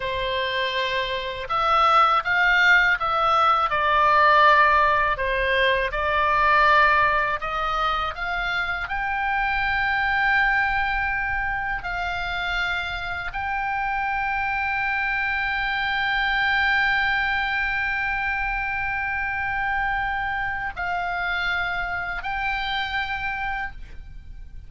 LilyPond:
\new Staff \with { instrumentName = "oboe" } { \time 4/4 \tempo 4 = 81 c''2 e''4 f''4 | e''4 d''2 c''4 | d''2 dis''4 f''4 | g''1 |
f''2 g''2~ | g''1~ | g''1 | f''2 g''2 | }